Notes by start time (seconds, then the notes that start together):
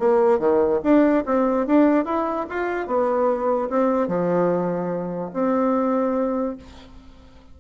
0.00 A#3
0.39 D#3
0.84 D4
1.26 C4
1.67 D4
2.05 E4
2.50 F4
2.87 B3
3.70 C4
4.08 F3
5.34 C4